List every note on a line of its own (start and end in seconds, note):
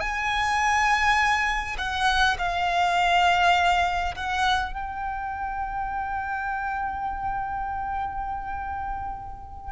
0.00 1.76 G#5
1.78 2.36 F#5
2.39 4.15 F5
4.16 4.73 F#5
4.73 9.72 G5